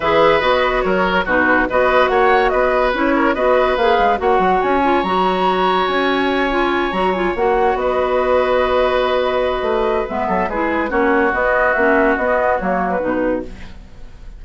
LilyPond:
<<
  \new Staff \with { instrumentName = "flute" } { \time 4/4 \tempo 4 = 143 e''4 dis''4 cis''4 b'4 | dis''4 fis''4 dis''4 cis''4 | dis''4 f''4 fis''4 gis''4 | ais''2 gis''2~ |
gis''8 ais''8 gis''8 fis''4 dis''4.~ | dis''1 | e''4 b'4 cis''4 dis''4 | e''4 dis''4 cis''8. b'4~ b'16 | }
  \new Staff \with { instrumentName = "oboe" } { \time 4/4 b'2 ais'4 fis'4 | b'4 cis''4 b'4. ais'8 | b'2 cis''2~ | cis''1~ |
cis''2~ cis''8 b'4.~ | b'1~ | b'8 a'8 gis'4 fis'2~ | fis'1 | }
  \new Staff \with { instrumentName = "clarinet" } { \time 4/4 gis'4 fis'2 dis'4 | fis'2. e'4 | fis'4 gis'4 fis'4. f'8 | fis'2.~ fis'8 f'8~ |
f'8 fis'8 f'8 fis'2~ fis'8~ | fis'1 | b4 e'4 cis'4 b4 | cis'4 b4 ais4 dis'4 | }
  \new Staff \with { instrumentName = "bassoon" } { \time 4/4 e4 b4 fis4 b,4 | b4 ais4 b4 cis'4 | b4 ais8 gis8 ais8 fis8 cis'4 | fis2 cis'2~ |
cis'8 fis4 ais4 b4.~ | b2. a4 | gis8 fis8 gis4 ais4 b4 | ais4 b4 fis4 b,4 | }
>>